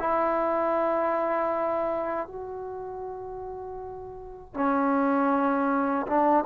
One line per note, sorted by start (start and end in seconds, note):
0.00 2.28 E4
2.28 4.55 F#4
4.55 6.07 C#4
6.07 6.45 D4